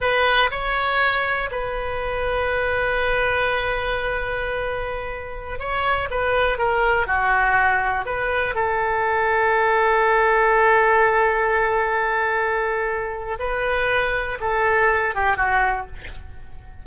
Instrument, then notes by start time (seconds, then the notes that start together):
oboe
0.00 B4
0.50 C#5
1.51 B4
5.59 C#5
6.10 B4
6.58 A#4
7.06 F#4
8.05 B4
8.54 A4
13.39 B4
14.40 A4
15.14 G4
15.36 F#4